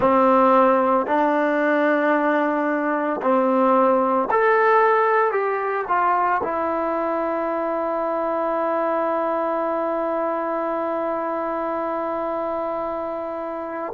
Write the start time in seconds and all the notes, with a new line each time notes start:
0.00 C4
1.06 D4
3.21 C4
4.31 A4
5.31 G4
5.88 F4
6.43 E4